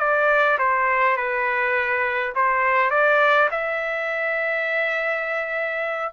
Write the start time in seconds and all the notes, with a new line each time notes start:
0.00 D5
0.59 C5
1.17 B4
2.36 C5
2.91 D5
3.51 E5